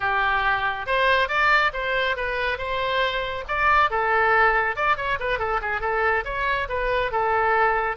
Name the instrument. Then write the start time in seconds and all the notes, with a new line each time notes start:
oboe
0.00 G4
0.86 C5
1.28 D5
1.73 C5
2.16 B4
2.58 C5
3.48 D5
3.90 A4
4.76 D5
4.96 C#5
5.19 B4
5.38 A4
5.61 G#4
5.80 A4
6.25 C#5
6.68 B4
7.11 A4